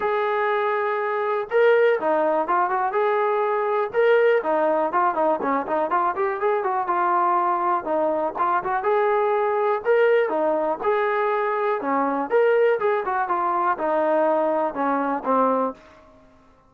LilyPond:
\new Staff \with { instrumentName = "trombone" } { \time 4/4 \tempo 4 = 122 gis'2. ais'4 | dis'4 f'8 fis'8 gis'2 | ais'4 dis'4 f'8 dis'8 cis'8 dis'8 | f'8 g'8 gis'8 fis'8 f'2 |
dis'4 f'8 fis'8 gis'2 | ais'4 dis'4 gis'2 | cis'4 ais'4 gis'8 fis'8 f'4 | dis'2 cis'4 c'4 | }